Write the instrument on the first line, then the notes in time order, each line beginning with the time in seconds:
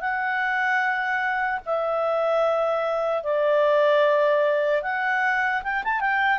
clarinet
0.00 F#5
1.65 E5
3.23 D5
4.82 F#5
5.63 G5
5.84 A5
6.00 G5